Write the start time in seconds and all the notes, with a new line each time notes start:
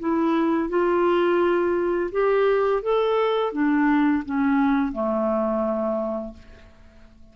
0.00 E4
0.69 F4
2.12 G4
2.83 A4
3.53 D4
4.26 C#4
4.93 A3